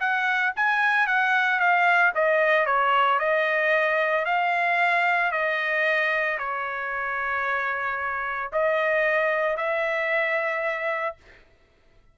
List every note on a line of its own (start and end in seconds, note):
0.00 0.53 F#5
0.56 1.06 G#5
1.06 1.59 F#5
1.59 2.12 F5
2.14 2.66 D#5
2.66 3.19 C#5
3.19 4.25 D#5
4.25 5.31 F5
5.31 6.38 D#5
6.38 8.51 C#5
8.52 9.57 D#5
9.57 11.16 E5